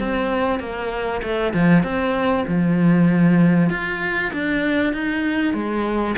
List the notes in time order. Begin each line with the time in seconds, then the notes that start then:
0.00 C4
0.60 A#3
1.23 A3
1.54 F3
1.83 C4
2.48 F3
3.70 F4
4.33 D4
4.93 D#4
5.54 G#3